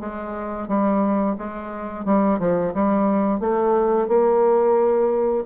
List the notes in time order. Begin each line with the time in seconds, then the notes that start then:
0.00 G#3
0.68 G3
1.38 G#3
2.05 G3
2.39 F3
2.74 G3
3.40 A3
4.08 A#3